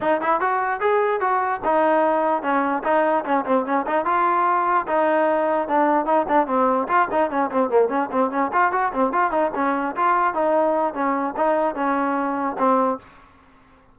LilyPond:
\new Staff \with { instrumentName = "trombone" } { \time 4/4 \tempo 4 = 148 dis'8 e'8 fis'4 gis'4 fis'4 | dis'2 cis'4 dis'4 | cis'8 c'8 cis'8 dis'8 f'2 | dis'2 d'4 dis'8 d'8 |
c'4 f'8 dis'8 cis'8 c'8 ais8 cis'8 | c'8 cis'8 f'8 fis'8 c'8 f'8 dis'8 cis'8~ | cis'8 f'4 dis'4. cis'4 | dis'4 cis'2 c'4 | }